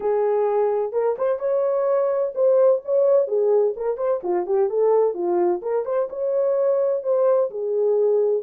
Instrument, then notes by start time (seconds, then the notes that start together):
horn
0.00 G#4
0.92 A#4
1.17 C5
1.39 C#5
2.35 C5
2.84 C#5
3.27 G#4
3.76 A#4
3.97 C5
4.23 F4
4.46 G4
4.69 A4
5.13 F4
5.61 A#4
5.85 C5
6.09 C#5
7.03 C5
7.50 G#4